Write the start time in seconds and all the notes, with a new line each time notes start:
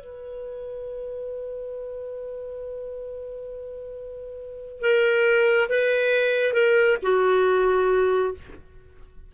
0.00 B4
4.81 A#4
5.69 B4
6.53 A#4
7.02 F#4